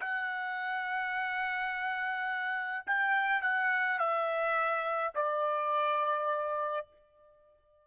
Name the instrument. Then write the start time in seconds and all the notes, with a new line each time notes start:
trumpet
0.00 F#5
2.86 G5
3.41 F#5
3.99 E5
5.15 D5